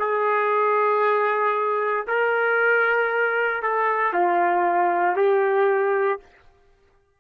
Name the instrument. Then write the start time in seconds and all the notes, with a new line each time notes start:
trumpet
0.00 G#4
2.08 A#4
3.63 A4
4.13 F4
5.17 G4